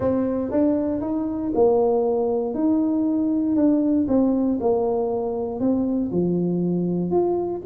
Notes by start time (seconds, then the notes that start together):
0.00 C4
0.51 D4
1.01 D#4
1.54 A#3
2.54 D#4
3.56 D4
4.07 C4
4.60 A#3
5.60 C4
6.11 F3
7.10 F4